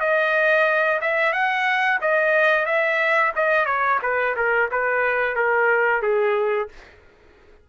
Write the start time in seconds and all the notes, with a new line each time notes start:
0.00 D#5
1.01 E5
1.32 F#5
2.01 D#5
2.65 E5
3.35 D#5
3.66 C#5
4.02 B4
4.36 A#4
4.71 B4
5.35 A#4
6.02 G#4